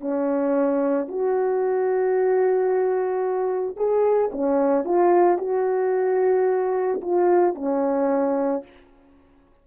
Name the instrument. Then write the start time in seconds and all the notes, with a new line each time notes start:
horn
0.00 C#4
1.08 F#4
3.76 G#4
4.31 C#4
4.85 F4
5.38 F#4
7.01 F4
7.55 C#4